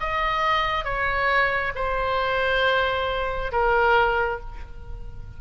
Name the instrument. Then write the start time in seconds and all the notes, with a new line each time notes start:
oboe
0.00 D#5
0.84 C#5
1.75 C5
3.52 A#4